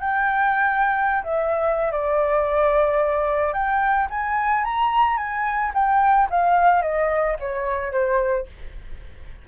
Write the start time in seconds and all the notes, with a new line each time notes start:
0.00 G5
1.23 E5
1.91 D5
3.53 G5
4.10 G#5
4.64 A#5
5.17 G#5
5.73 G5
6.30 F5
6.82 D#5
7.39 C#5
7.92 C5